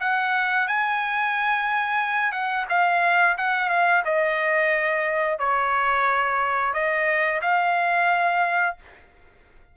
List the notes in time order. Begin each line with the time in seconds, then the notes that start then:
0.00 F#5
0.67 G#5
2.32 F#5
2.69 F5
3.38 F#5
3.70 F5
4.05 D#5
5.39 C#5
6.74 D#5
7.42 F5